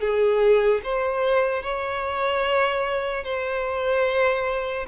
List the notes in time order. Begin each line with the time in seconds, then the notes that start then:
0.00 G#4
0.84 C5
1.63 C#5
3.24 C5